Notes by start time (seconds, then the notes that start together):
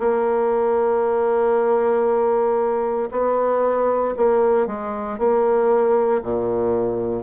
0.00 A#3
3.11 B3
4.17 A#3
4.67 G#3
5.19 A#3
6.23 A#2